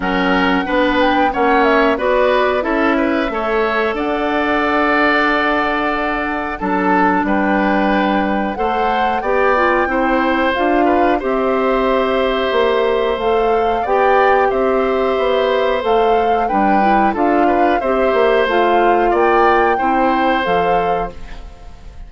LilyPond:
<<
  \new Staff \with { instrumentName = "flute" } { \time 4/4 \tempo 4 = 91 fis''4. g''8 fis''8 e''8 d''4 | e''2 fis''2~ | fis''2 a''4 g''4~ | g''4 fis''4 g''2 |
f''4 e''2. | f''4 g''4 e''2 | f''4 g''4 f''4 e''4 | f''4 g''2 f''4 | }
  \new Staff \with { instrumentName = "oboe" } { \time 4/4 ais'4 b'4 cis''4 b'4 | a'8 b'8 cis''4 d''2~ | d''2 a'4 b'4~ | b'4 c''4 d''4 c''4~ |
c''8 b'8 c''2.~ | c''4 d''4 c''2~ | c''4 b'4 a'8 b'8 c''4~ | c''4 d''4 c''2 | }
  \new Staff \with { instrumentName = "clarinet" } { \time 4/4 cis'4 d'4 cis'4 fis'4 | e'4 a'2.~ | a'2 d'2~ | d'4 a'4 g'8 f'8 e'4 |
f'4 g'2. | a'4 g'2. | a'4 d'8 e'8 f'4 g'4 | f'2 e'4 a'4 | }
  \new Staff \with { instrumentName = "bassoon" } { \time 4/4 fis4 b4 ais4 b4 | cis'4 a4 d'2~ | d'2 fis4 g4~ | g4 a4 b4 c'4 |
d'4 c'2 ais4 | a4 b4 c'4 b4 | a4 g4 d'4 c'8 ais8 | a4 ais4 c'4 f4 | }
>>